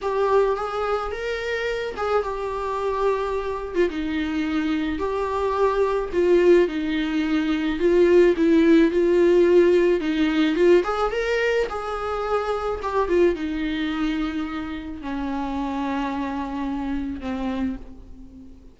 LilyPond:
\new Staff \with { instrumentName = "viola" } { \time 4/4 \tempo 4 = 108 g'4 gis'4 ais'4. gis'8 | g'2~ g'8. f'16 dis'4~ | dis'4 g'2 f'4 | dis'2 f'4 e'4 |
f'2 dis'4 f'8 gis'8 | ais'4 gis'2 g'8 f'8 | dis'2. cis'4~ | cis'2. c'4 | }